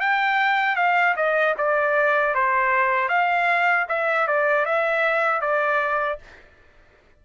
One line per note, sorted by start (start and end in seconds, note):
0.00 0.76 G5
0.76 1.15 F5
1.16 1.55 D#5
1.58 2.34 D5
2.34 3.09 C5
3.09 3.87 F5
3.89 4.28 E5
4.28 4.65 D5
4.65 5.41 E5
5.41 6.19 D5